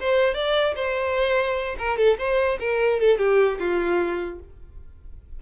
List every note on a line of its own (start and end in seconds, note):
0.00 0.34 C5
0.34 0.74 D5
0.75 1.76 C5
1.78 1.97 A#4
1.97 2.17 A4
2.18 2.58 C5
2.60 3.00 A#4
3.00 3.18 A4
3.18 3.58 G4
3.59 4.39 F4